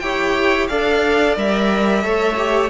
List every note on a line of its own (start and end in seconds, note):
0.00 0.70 E4
0.00 0.70 G4
0.00 0.69 C#5
0.00 0.67 G5
0.68 1.37 D4
0.68 1.37 A4
0.68 2.04 D5
0.68 1.36 F5
1.37 2.04 G3
1.37 2.03 A#4
1.37 2.70 E5
2.03 2.70 A3
2.03 2.37 A4
2.03 2.70 C#5
2.38 2.70 G4